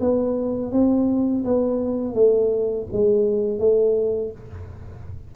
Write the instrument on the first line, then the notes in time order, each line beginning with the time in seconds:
tuba
0.00 B3
0.72 C4
1.44 B3
2.14 A3
2.92 G#3
3.59 A3